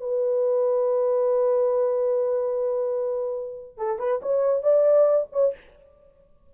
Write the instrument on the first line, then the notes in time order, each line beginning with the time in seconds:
horn
0.00 B4
3.77 A4
3.99 B4
4.22 C#5
4.63 D5
5.32 C#5